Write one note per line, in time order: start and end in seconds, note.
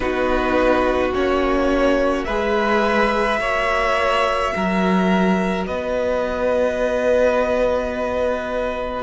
0.00 1.12 B3
0.00 1.12 D#4
0.00 2.26 F#4
0.00 1.12 B4
1.13 2.27 A#3
1.13 2.27 C#4
1.13 2.24 C#5
2.24 3.39 G#3
2.24 3.39 G#4
2.24 3.39 B4
2.24 5.64 E5
3.39 4.53 A#3
3.39 9.03 F#4
3.39 4.53 C#5
4.55 5.68 F#3
4.55 5.66 A#4
5.66 9.03 B3
5.66 9.03 B4
5.66 9.03 D#5